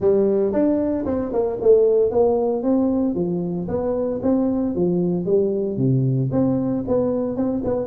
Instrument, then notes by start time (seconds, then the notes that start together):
tuba
0.00 G3
0.52 D4
1.05 C4
1.33 A#3
1.61 A3
2.10 A#3
2.62 C4
3.14 F3
3.68 B3
4.22 C4
4.75 F3
5.25 G3
5.77 C3
6.31 C4
6.87 B3
7.36 C4
7.64 B3